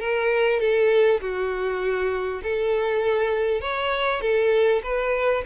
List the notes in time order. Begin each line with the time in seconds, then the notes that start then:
0.00 A#4
0.60 A4
1.21 F#4
2.44 A4
3.61 C#5
4.21 A4
4.83 B4